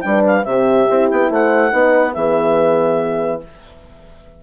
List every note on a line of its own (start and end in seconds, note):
0.00 0.44 G3
0.00 0.45 D4
0.00 0.46 B4
0.00 0.21 G5
0.26 0.44 F5
0.44 0.87 C3
0.44 0.89 C4
0.44 1.30 G4
0.44 1.07 E5
0.89 1.11 C4
0.89 1.70 E4
1.10 1.30 B3
1.10 1.31 G5
1.30 1.72 A3
1.30 1.72 C5
1.30 2.13 F#5
1.70 2.15 B3
1.70 2.12 D#4
1.70 2.14 B4
2.13 3.42 E3
2.13 3.43 B3
2.13 3.41 G#4
2.13 3.40 E5